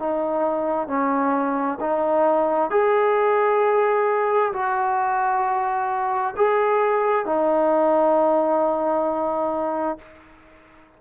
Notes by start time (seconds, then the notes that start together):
0.00 D#4
0.88 C#4
1.81 D#4
2.71 G#4
4.53 F#4
6.37 G#4
7.26 D#4